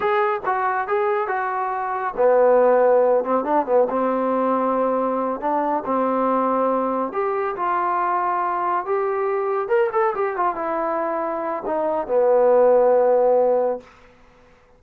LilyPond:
\new Staff \with { instrumentName = "trombone" } { \time 4/4 \tempo 4 = 139 gis'4 fis'4 gis'4 fis'4~ | fis'4 b2~ b8 c'8 | d'8 b8 c'2.~ | c'8 d'4 c'2~ c'8~ |
c'8 g'4 f'2~ f'8~ | f'8 g'2 ais'8 a'8 g'8 | f'8 e'2~ e'8 dis'4 | b1 | }